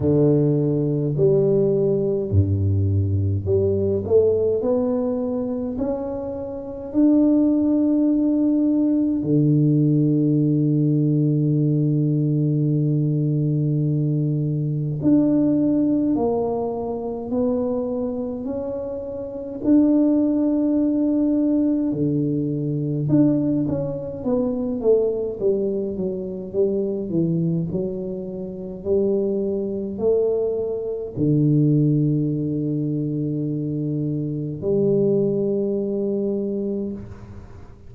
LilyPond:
\new Staff \with { instrumentName = "tuba" } { \time 4/4 \tempo 4 = 52 d4 g4 g,4 g8 a8 | b4 cis'4 d'2 | d1~ | d4 d'4 ais4 b4 |
cis'4 d'2 d4 | d'8 cis'8 b8 a8 g8 fis8 g8 e8 | fis4 g4 a4 d4~ | d2 g2 | }